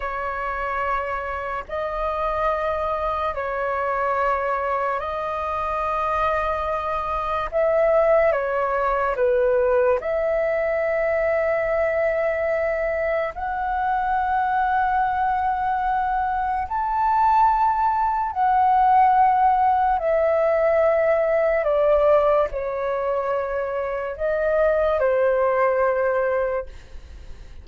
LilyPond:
\new Staff \with { instrumentName = "flute" } { \time 4/4 \tempo 4 = 72 cis''2 dis''2 | cis''2 dis''2~ | dis''4 e''4 cis''4 b'4 | e''1 |
fis''1 | a''2 fis''2 | e''2 d''4 cis''4~ | cis''4 dis''4 c''2 | }